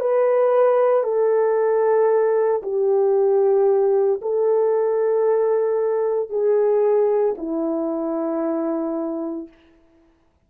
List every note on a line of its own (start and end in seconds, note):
0.00 1.04 B4
1.04 2.62 A4
2.62 4.20 G4
4.22 6.30 A4
6.30 7.35 G#4
7.37 9.48 E4